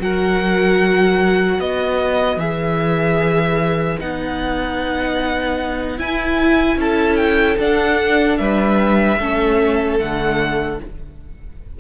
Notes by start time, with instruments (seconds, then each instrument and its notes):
0.00 cello F#3, viola F#4, violin A#4 F#5
1.59 cello B3, violin B4 D#5
2.37 cello E3, viola G#4, violin E5
4.00 cello B3, viola D#4, violin F#5
5.98 viola E4, cello E4, violin G#5
6.77 cello C#4, violin A4 A5
7.17 violin G5
7.59 cello D4, viola D4, violin F#5
8.38 cello G3, violin B4 E5
9.20 cello A3, viola C#4, violin A4
10.00 cello D3, viola A3, violin F#5